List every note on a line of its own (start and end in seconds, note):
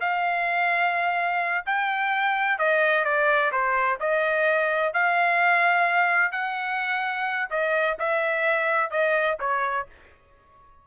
0.00 1.64 F5
1.65 2.58 G5
2.58 3.04 D#5
3.04 3.51 D5
3.52 3.98 C5
4.00 4.93 D#5
4.93 6.32 F5
6.32 7.49 F#5
7.50 7.96 D#5
7.99 8.90 E5
8.90 9.37 D#5
9.40 9.87 C#5